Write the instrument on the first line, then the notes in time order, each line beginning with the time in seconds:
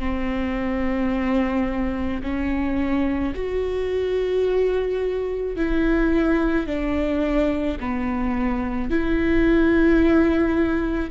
viola
0.00 C4
2.23 C#4
3.35 F#4
5.57 E4
6.67 D4
7.80 B3
8.90 E4